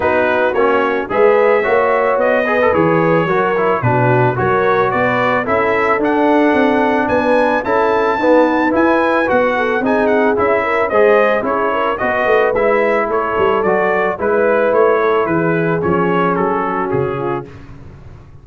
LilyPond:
<<
  \new Staff \with { instrumentName = "trumpet" } { \time 4/4 \tempo 4 = 110 b'4 cis''4 e''2 | dis''4 cis''2 b'4 | cis''4 d''4 e''4 fis''4~ | fis''4 gis''4 a''2 |
gis''4 fis''4 gis''8 fis''8 e''4 | dis''4 cis''4 dis''4 e''4 | cis''4 d''4 b'4 cis''4 | b'4 cis''4 a'4 gis'4 | }
  \new Staff \with { instrumentName = "horn" } { \time 4/4 fis'2 b'4 cis''4~ | cis''8 b'4. ais'4 fis'4 | ais'4 b'4 a'2~ | a'4 b'4 a'4 b'4~ |
b'4. a'8 gis'4. ais'8 | c''4 gis'8 ais'8 b'2 | a'2 b'4. a'8 | gis'2~ gis'8 fis'4 f'8 | }
  \new Staff \with { instrumentName = "trombone" } { \time 4/4 dis'4 cis'4 gis'4 fis'4~ | fis'8 gis'16 a'16 gis'4 fis'8 e'8 d'4 | fis'2 e'4 d'4~ | d'2 e'4 b4 |
e'4 fis'4 dis'4 e'4 | gis'4 e'4 fis'4 e'4~ | e'4 fis'4 e'2~ | e'4 cis'2. | }
  \new Staff \with { instrumentName = "tuba" } { \time 4/4 b4 ais4 gis4 ais4 | b4 e4 fis4 b,4 | fis4 b4 cis'4 d'4 | c'4 b4 cis'4 dis'4 |
e'4 b4 c'4 cis'4 | gis4 cis'4 b8 a8 gis4 | a8 g8 fis4 gis4 a4 | e4 f4 fis4 cis4 | }
>>